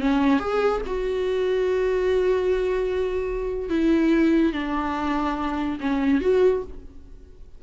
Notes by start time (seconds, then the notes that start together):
0.00 C#4
0.39 G#4
0.86 F#4
3.69 E4
4.53 D4
5.80 C#4
6.21 F#4